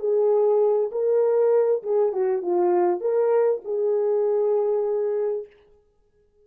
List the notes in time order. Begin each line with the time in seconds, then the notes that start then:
0.00 G#4
0.92 A#4
1.83 G#4
2.13 F#4
2.42 F4
3.01 A#4
3.65 G#4